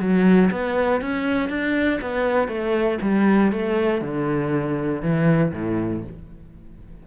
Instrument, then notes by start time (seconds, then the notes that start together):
cello
0.00 F#3
0.52 B3
1.02 C#4
1.49 D4
2.02 B3
2.48 A3
3.02 G3
3.52 A3
4.02 D3
5.02 E3
5.53 A2